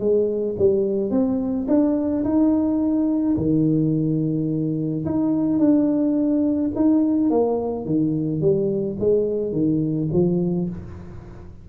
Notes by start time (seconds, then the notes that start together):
0.00 G#3
0.59 G3
1.11 C4
1.68 D4
2.25 D#4
3.37 D#3
5.06 D#4
5.59 D4
6.76 D#4
7.31 A#3
7.86 D#3
8.41 G3
8.99 G#3
9.53 D#3
10.13 F3